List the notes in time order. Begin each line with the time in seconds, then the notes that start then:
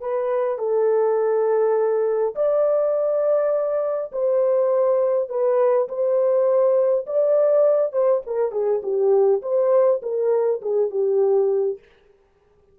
0.00 B4
0.58 A4
2.35 D5
4.12 C5
5.29 B4
5.88 C5
7.06 D5
7.92 C5
8.26 A#4
8.51 G#4
8.82 G4
9.42 C5
10.02 A#4
10.61 G#4
10.90 G4